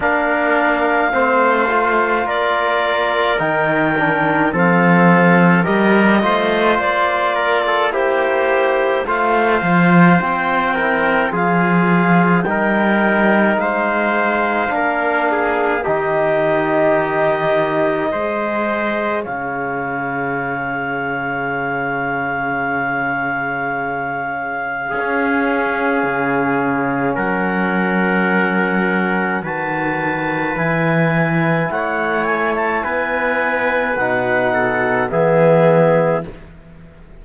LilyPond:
<<
  \new Staff \with { instrumentName = "clarinet" } { \time 4/4 \tempo 4 = 53 f''2 d''4 g''4 | f''4 dis''4 d''4 c''4 | f''4 g''4 f''4 g''4 | f''2 dis''2~ |
dis''4 f''2.~ | f''1 | fis''2 a''4 gis''4 | fis''8 gis''16 a''16 gis''4 fis''4 e''4 | }
  \new Staff \with { instrumentName = "trumpet" } { \time 4/4 ais'4 c''4 ais'2 | a'4 ais'8 c''4 ais'16 a'16 g'4 | c''4. ais'8 gis'4 ais'4 | c''4 ais'8 gis'8 g'2 |
c''4 cis''2.~ | cis''2 gis'2 | ais'2 b'2 | cis''4 b'4. a'8 gis'4 | }
  \new Staff \with { instrumentName = "trombone" } { \time 4/4 d'4 c'8 f'4. dis'8 d'8 | c'4 g'8 f'4. e'4 | f'4. e'8 f'4 dis'4~ | dis'4 d'4 dis'2 |
gis'1~ | gis'2 cis'2~ | cis'2 fis'4 e'4~ | e'2 dis'4 b4 | }
  \new Staff \with { instrumentName = "cello" } { \time 4/4 ais4 a4 ais4 dis4 | f4 g8 a8 ais2 | a8 f8 c'4 f4 g4 | gis4 ais4 dis2 |
gis4 cis2.~ | cis2 cis'4 cis4 | fis2 dis4 e4 | a4 b4 b,4 e4 | }
>>